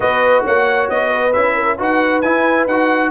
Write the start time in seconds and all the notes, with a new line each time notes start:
0.00 B3 F#4 B4 D#5
0.43 A#3 C#5 F#5
0.89 B3 D#5
1.12 B4
1.33 C#4 E4 E5
1.54 A#4
1.78 D#4 F#4 B4 F#5
2.21 E4 G#5
2.66 D#4 F#4 F#5